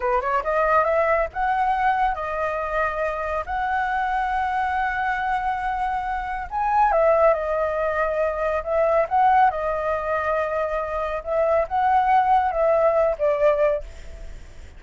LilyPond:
\new Staff \with { instrumentName = "flute" } { \time 4/4 \tempo 4 = 139 b'8 cis''8 dis''4 e''4 fis''4~ | fis''4 dis''2. | fis''1~ | fis''2. gis''4 |
e''4 dis''2. | e''4 fis''4 dis''2~ | dis''2 e''4 fis''4~ | fis''4 e''4. d''4. | }